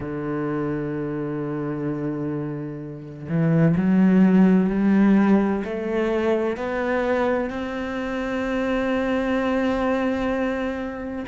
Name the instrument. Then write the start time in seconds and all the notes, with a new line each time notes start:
cello
0.00 D3
3.28 E3
3.76 F#3
4.69 G3
5.64 A3
6.56 B3
7.50 C4